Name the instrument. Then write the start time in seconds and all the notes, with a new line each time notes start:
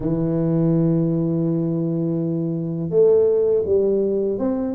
tuba
0.00 E3
2.89 A3
3.65 G3
4.38 C4